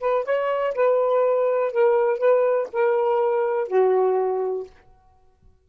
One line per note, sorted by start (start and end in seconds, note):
0.00 0.24 B4
0.24 0.73 C#5
0.74 1.72 B4
1.72 2.18 A#4
2.18 2.67 B4
2.73 3.68 A#4
3.68 4.66 F#4